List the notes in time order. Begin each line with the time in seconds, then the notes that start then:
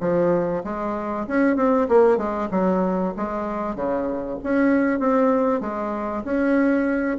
0.00 F3
0.64 G#3
1.27 C#4
1.56 C4
1.88 A#3
2.17 G#3
2.51 F#3
3.16 G#3
3.75 C#3
4.43 C#4
4.99 C4
5.61 G#3
6.24 C#4